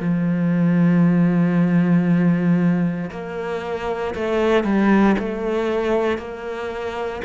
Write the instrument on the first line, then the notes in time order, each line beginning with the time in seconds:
cello
0.00 F3
3.11 A#3
4.15 A3
4.64 G3
5.19 A3
6.18 A#3